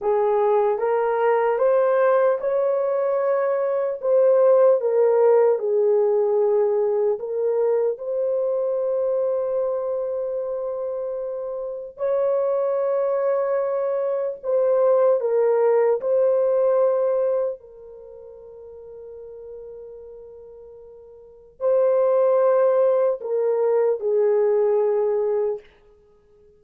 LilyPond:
\new Staff \with { instrumentName = "horn" } { \time 4/4 \tempo 4 = 75 gis'4 ais'4 c''4 cis''4~ | cis''4 c''4 ais'4 gis'4~ | gis'4 ais'4 c''2~ | c''2. cis''4~ |
cis''2 c''4 ais'4 | c''2 ais'2~ | ais'2. c''4~ | c''4 ais'4 gis'2 | }